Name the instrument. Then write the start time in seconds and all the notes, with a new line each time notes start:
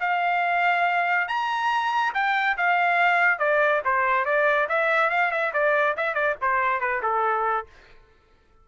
trumpet
0.00 F5
1.28 A#5
2.14 G5
2.57 F5
3.39 D5
3.85 C5
4.25 D5
4.69 E5
5.10 F5
5.31 E5
5.53 D5
5.97 E5
6.14 D5
6.41 C5
6.80 B4
7.02 A4